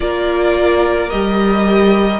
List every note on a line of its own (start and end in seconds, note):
0.00 1.11 A#3
0.00 1.09 F4
0.00 2.20 A#4
0.00 1.09 D5
1.09 2.20 G3
1.09 2.20 G4
1.09 2.20 D#5